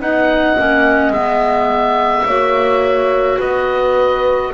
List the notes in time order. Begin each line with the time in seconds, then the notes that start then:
0.00 B3 D#4 D#5 F#5
0.58 A#3 C#4
1.11 G#3 B3 E5
2.26 A#3 F#4 C#5
3.38 B3 B4 D#5